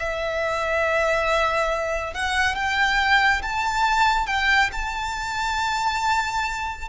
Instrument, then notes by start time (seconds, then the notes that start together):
violin
0.00 E5
2.14 F#5
2.55 G5
3.43 A5
4.27 G5
4.73 A5